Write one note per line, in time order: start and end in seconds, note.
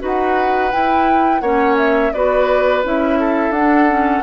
0.00 0.73 D#4
0.00 0.71 F#4
0.00 1.42 B4
0.00 0.71 F#5
0.71 1.43 E4
0.71 1.41 E4
0.71 1.41 G5
1.41 2.12 A#3
1.41 2.13 C#4
1.41 2.13 C#5
1.41 1.76 F#5
1.78 2.13 E5
2.13 2.84 B3
2.13 2.84 F#4
2.13 3.20 B4
2.13 2.84 D5
2.84 3.50 C#4
2.84 3.54 E4
2.84 3.52 E5
3.20 4.23 A4
3.50 4.20 D4
3.50 3.89 D4
3.50 4.23 F#5
3.89 4.23 C#4